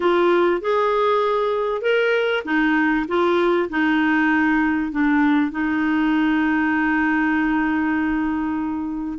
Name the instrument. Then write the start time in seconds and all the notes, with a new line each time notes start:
clarinet
0.00 F4
0.61 G#4
1.81 A#4
2.44 D#4
3.08 F4
3.69 D#4
4.91 D4
5.51 D#4